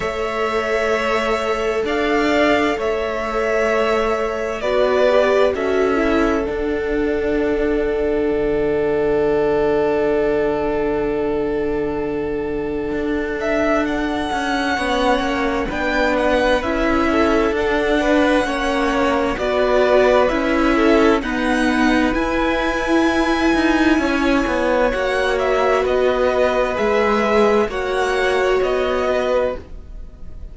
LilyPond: <<
  \new Staff \with { instrumentName = "violin" } { \time 4/4 \tempo 4 = 65 e''2 f''4 e''4~ | e''4 d''4 e''4 fis''4~ | fis''1~ | fis''2~ fis''8 e''8 fis''4~ |
fis''4 g''8 fis''8 e''4 fis''4~ | fis''4 d''4 e''4 fis''4 | gis''2. fis''8 e''8 | dis''4 e''4 fis''4 dis''4 | }
  \new Staff \with { instrumentName = "violin" } { \time 4/4 cis''2 d''4 cis''4~ | cis''4 b'4 a'2~ | a'1~ | a'1 |
cis''4 b'4. a'4 b'8 | cis''4 b'4. a'8 b'4~ | b'2 cis''2 | b'2 cis''4. b'8 | }
  \new Staff \with { instrumentName = "viola" } { \time 4/4 a'1~ | a'4 fis'8 g'8 fis'8 e'8 d'4~ | d'1~ | d'1 |
cis'4 d'4 e'4 d'4 | cis'4 fis'4 e'4 b4 | e'2. fis'4~ | fis'4 gis'4 fis'2 | }
  \new Staff \with { instrumentName = "cello" } { \time 4/4 a2 d'4 a4~ | a4 b4 cis'4 d'4~ | d'4 d2.~ | d2 d'4. cis'8 |
b8 ais8 b4 cis'4 d'4 | ais4 b4 cis'4 dis'4 | e'4. dis'8 cis'8 b8 ais4 | b4 gis4 ais4 b4 | }
>>